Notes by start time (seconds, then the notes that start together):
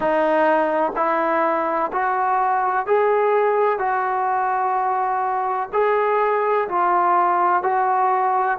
0.00 D#4
0.96 E4
1.92 F#4
2.86 G#4
3.78 F#4
5.72 G#4
6.68 F4
7.62 F#4